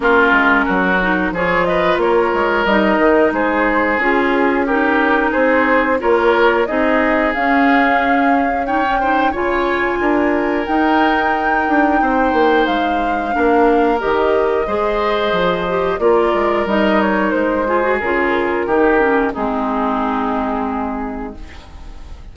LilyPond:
<<
  \new Staff \with { instrumentName = "flute" } { \time 4/4 \tempo 4 = 90 ais'2 cis''8 dis''8 cis''4 | dis''4 c''4 gis'4 ais'4 | c''4 cis''4 dis''4 f''4~ | f''4 g''4 gis''2 |
g''2. f''4~ | f''4 dis''2. | d''4 dis''8 cis''8 c''4 ais'4~ | ais'4 gis'2. | }
  \new Staff \with { instrumentName = "oboe" } { \time 4/4 f'4 fis'4 gis'8 b'8 ais'4~ | ais'4 gis'2 g'4 | gis'4 ais'4 gis'2~ | gis'4 cis''8 c''8 cis''4 ais'4~ |
ais'2 c''2 | ais'2 c''2 | ais'2~ ais'8 gis'4. | g'4 dis'2. | }
  \new Staff \with { instrumentName = "clarinet" } { \time 4/4 cis'4. dis'8 f'2 | dis'2 f'4 dis'4~ | dis'4 f'4 dis'4 cis'4~ | cis'4 dis'16 cis'16 dis'8 f'2 |
dis'1 | d'4 g'4 gis'4. g'8 | f'4 dis'4. f'16 fis'16 f'4 | dis'8 cis'8 c'2. | }
  \new Staff \with { instrumentName = "bassoon" } { \time 4/4 ais8 gis8 fis4 f4 ais8 gis8 | g8 dis8 gis4 cis'2 | c'4 ais4 c'4 cis'4~ | cis'2 cis4 d'4 |
dis'4. d'8 c'8 ais8 gis4 | ais4 dis4 gis4 f4 | ais8 gis8 g4 gis4 cis4 | dis4 gis2. | }
>>